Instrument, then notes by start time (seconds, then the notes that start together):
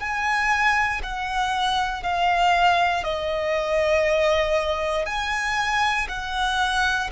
violin
0.00 G#5
1.03 F#5
2.03 F5
3.04 D#5
5.06 G#5
6.09 F#5